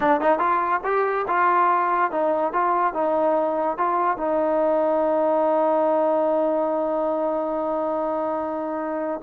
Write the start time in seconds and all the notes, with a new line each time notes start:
0.00 D4
0.21 D#4
0.38 F4
0.84 G4
1.27 F4
2.11 D#4
2.52 F4
2.93 D#4
3.77 F4
4.17 D#4